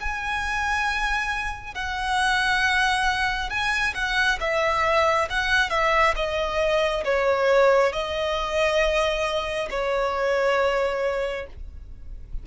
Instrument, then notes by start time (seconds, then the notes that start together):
violin
0.00 G#5
1.74 F#5
3.49 G#5
3.94 F#5
4.40 E5
5.29 F#5
5.70 E5
6.15 D#5
7.04 C#5
7.93 D#5
9.70 C#5